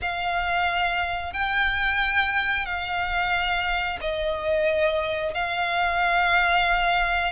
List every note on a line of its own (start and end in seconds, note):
0.02 1.33 F5
1.33 2.65 G5
2.65 3.98 F5
4.01 5.34 D#5
5.34 7.32 F5